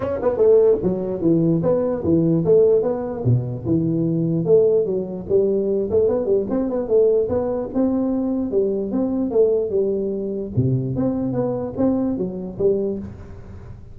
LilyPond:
\new Staff \with { instrumentName = "tuba" } { \time 4/4 \tempo 4 = 148 cis'8 b8 a4 fis4 e4 | b4 e4 a4 b4 | b,4 e2 a4 | fis4 g4. a8 b8 g8 |
c'8 b8 a4 b4 c'4~ | c'4 g4 c'4 a4 | g2 c4 c'4 | b4 c'4 fis4 g4 | }